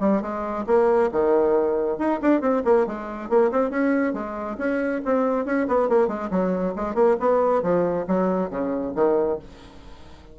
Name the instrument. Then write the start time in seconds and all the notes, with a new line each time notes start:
bassoon
0.00 G3
0.22 G#3
0.67 A#3
1.12 D#3
1.98 D#4
2.22 D4
2.41 C4
2.65 A#3
2.87 G#3
3.29 A#3
3.51 C4
3.70 C#4
4.13 G#3
4.58 C#4
5.05 C4
5.45 C#4
5.68 B3
5.89 A#3
6.08 G#3
6.31 F#3
6.76 G#3
6.95 A#3
7.20 B3
7.63 F3
8.08 F#3
8.50 C#3
8.96 D#3